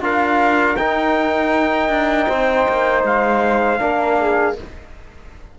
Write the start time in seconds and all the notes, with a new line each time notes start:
0.00 D4 F4 A#4 F5
0.77 D#4 G5
1.89 D4
2.28 C4 C5
2.68 A#3
3.04 G#3 F5
3.78 A#3 D4 A#4
4.20 G#4